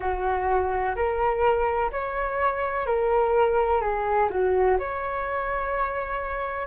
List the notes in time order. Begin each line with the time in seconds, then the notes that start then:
0.00 F#4
0.95 A#4
1.91 C#5
2.86 A#4
3.81 G#4
4.30 F#4
4.78 C#5